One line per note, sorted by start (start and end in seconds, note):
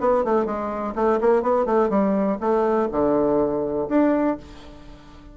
0.00 0.24 B3
0.24 0.45 A3
0.45 0.94 G#3
0.95 1.19 A3
1.20 1.42 A#3
1.42 1.65 B3
1.65 1.89 A3
1.89 2.37 G3
2.40 2.89 A3
2.91 3.88 D3
3.88 4.37 D4